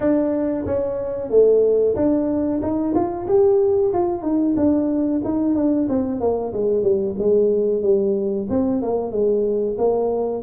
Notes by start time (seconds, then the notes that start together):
0.00 D4
0.66 C#4
1.30 A3
1.95 D4
2.61 D#4
2.94 F4
3.27 G4
3.93 F4
4.22 D#4
4.56 D4
5.24 D#4
5.55 D4
5.88 C4
6.20 A#3
6.53 G#3
6.82 G3
7.18 G#3
7.82 G3
8.49 C4
8.82 A#3
9.11 G#3
9.78 A#3